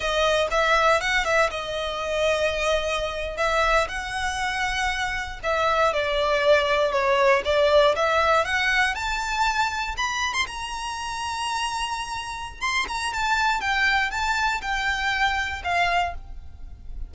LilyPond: \new Staff \with { instrumentName = "violin" } { \time 4/4 \tempo 4 = 119 dis''4 e''4 fis''8 e''8 dis''4~ | dis''2~ dis''8. e''4 fis''16~ | fis''2~ fis''8. e''4 d''16~ | d''4.~ d''16 cis''4 d''4 e''16~ |
e''8. fis''4 a''2 b''16~ | b''8 c'''16 ais''2.~ ais''16~ | ais''4 c'''8 ais''8 a''4 g''4 | a''4 g''2 f''4 | }